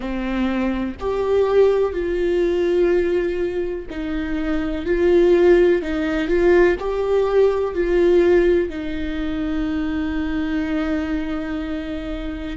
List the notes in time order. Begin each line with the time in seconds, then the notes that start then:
0.00 C4
0.99 G4
1.93 F4
3.89 D#4
4.85 F4
5.82 D#4
6.28 F4
6.79 G4
7.74 F4
8.69 D#4